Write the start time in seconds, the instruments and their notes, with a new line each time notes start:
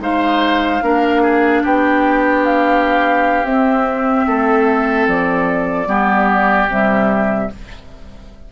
0.00 bassoon G#3, clarinet D#4, oboe C5, flute F5
0.82 bassoon A#3, clarinet D4, oboe A#4
1.22 oboe G#4
1.63 bassoon B3, oboe G4, flute G5
2.45 flute F5
3.44 bassoon C4, clarinet C4, flute E5
4.27 bassoon A3, oboe A4
5.07 bassoon F3, flute D5
5.87 bassoon G3, clarinet B3, oboe G4
6.68 bassoon C3, clarinet G3, flute E5